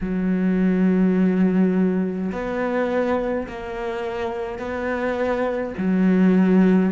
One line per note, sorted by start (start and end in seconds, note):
0.00 2.31 F#3
2.31 3.47 B3
3.47 4.58 A#3
4.58 5.74 B3
5.77 6.92 F#3